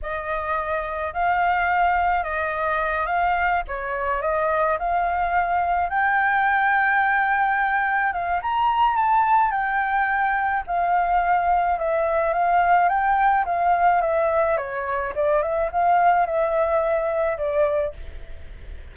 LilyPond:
\new Staff \with { instrumentName = "flute" } { \time 4/4 \tempo 4 = 107 dis''2 f''2 | dis''4. f''4 cis''4 dis''8~ | dis''8 f''2 g''4.~ | g''2~ g''8 f''8 ais''4 |
a''4 g''2 f''4~ | f''4 e''4 f''4 g''4 | f''4 e''4 cis''4 d''8 e''8 | f''4 e''2 d''4 | }